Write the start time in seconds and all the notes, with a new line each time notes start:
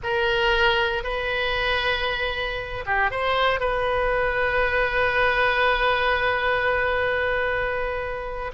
0.03 A#4
1.03 B4
2.86 G4
3.11 C5
3.60 B4